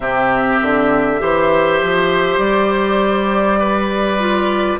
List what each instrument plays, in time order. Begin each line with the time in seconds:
0.00 bassoon C3, clarinet C4, oboe G4, flute E5
0.61 bassoon D3
1.18 bassoon E3, clarinet G4, oboe C5
1.81 bassoon F3
2.38 bassoon G3, flute D5
3.59 oboe B4
4.19 clarinet F4